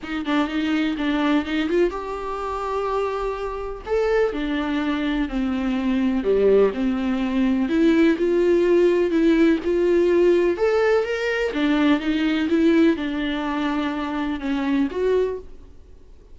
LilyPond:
\new Staff \with { instrumentName = "viola" } { \time 4/4 \tempo 4 = 125 dis'8 d'8 dis'4 d'4 dis'8 f'8 | g'1 | a'4 d'2 c'4~ | c'4 g4 c'2 |
e'4 f'2 e'4 | f'2 a'4 ais'4 | d'4 dis'4 e'4 d'4~ | d'2 cis'4 fis'4 | }